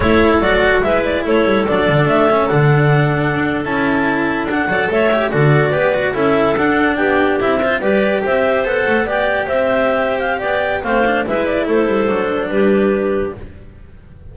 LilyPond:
<<
  \new Staff \with { instrumentName = "clarinet" } { \time 4/4 \tempo 4 = 144 cis''4 d''4 e''8 d''8 cis''4 | d''4 e''4 fis''2~ | fis''8. a''2 fis''4 e''16~ | e''8. d''2 e''4 fis''16~ |
fis''8. g''4 e''4 d''4 e''16~ | e''8. fis''4 g''4 e''4~ e''16~ | e''8 f''8 g''4 f''4 e''8 d''8 | c''2 b'2 | }
  \new Staff \with { instrumentName = "clarinet" } { \time 4/4 a'2 b'4 a'4~ | a'1~ | a'2.~ a'16 d''8 cis''16~ | cis''8. a'4 b'4 a'4~ a'16~ |
a'8. g'4. c''8 b'4 c''16~ | c''4.~ c''16 d''4 c''4~ c''16~ | c''4 d''4 c''4 b'4 | a'2 g'2 | }
  \new Staff \with { instrumentName = "cello" } { \time 4/4 e'4 fis'4 e'2 | d'4. cis'8 d'2~ | d'8. e'2 d'8 a'8.~ | a'16 g'8 fis'4 g'8 fis'8 e'4 d'16~ |
d'4.~ d'16 e'8 f'8 g'4~ g'16~ | g'8. a'4 g'2~ g'16~ | g'2 c'8 d'8 e'4~ | e'4 d'2. | }
  \new Staff \with { instrumentName = "double bass" } { \time 4/4 a4 fis4 gis4 a8 g8 | fis8 d8 a4 d2 | d'8. cis'2 d'8 fis8 a16~ | a8. d4 b4 cis'4 d'16~ |
d'8. b4 c'4 g4 c'16~ | c'8. b8 a8 b4 c'4~ c'16~ | c'4 b4 a4 gis4 | a8 g8 fis4 g2 | }
>>